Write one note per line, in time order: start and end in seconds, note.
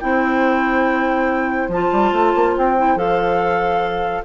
0.00 1.68 C4
0.00 1.70 E4
0.00 4.25 C5
0.00 1.69 G5
1.68 1.89 F3
1.68 2.77 F4
1.68 2.57 A5
1.92 2.12 G3
2.12 2.33 A3
2.35 2.56 A#3
2.57 2.96 C4
2.57 2.98 G5
2.77 2.97 E4
2.96 4.23 F3
2.96 4.23 A4
2.96 4.25 F5